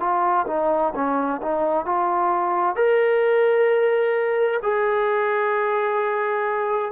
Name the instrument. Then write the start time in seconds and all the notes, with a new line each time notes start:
trombone
0.00 F4
0.47 D#4
0.95 C#4
1.43 D#4
1.86 F4
2.76 A#4
4.63 G#4